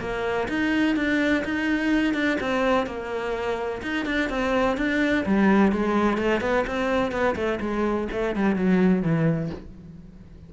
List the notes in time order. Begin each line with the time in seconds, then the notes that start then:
0.00 A#3
0.48 D#4
0.96 D4
1.44 D#4
2.14 D4
2.40 C4
2.86 A#3
3.82 D#4
4.05 D4
4.29 C4
4.77 D4
5.26 G3
5.72 G#3
6.18 A3
6.40 B3
6.66 C4
7.11 B3
7.35 A3
7.60 G#3
8.12 A3
8.35 G3
8.55 F#3
9.02 E3